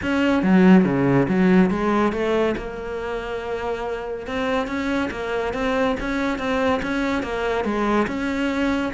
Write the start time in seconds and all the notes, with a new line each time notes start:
0.02 C#4
0.43 F#3
0.84 C#3
1.28 F#3
1.70 G#3
2.12 A3
2.57 A#3
4.27 C4
4.67 C#4
5.11 A#3
5.53 C4
6.00 C#4
6.38 C4
6.82 C#4
7.22 A#3
7.64 G#3
8.07 C#4